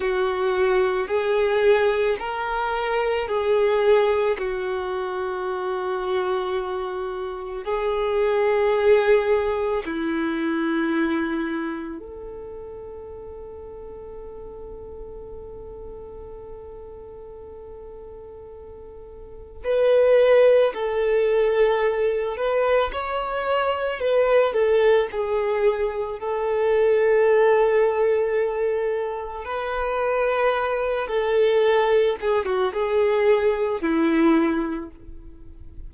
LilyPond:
\new Staff \with { instrumentName = "violin" } { \time 4/4 \tempo 4 = 55 fis'4 gis'4 ais'4 gis'4 | fis'2. gis'4~ | gis'4 e'2 a'4~ | a'1~ |
a'2 b'4 a'4~ | a'8 b'8 cis''4 b'8 a'8 gis'4 | a'2. b'4~ | b'8 a'4 gis'16 fis'16 gis'4 e'4 | }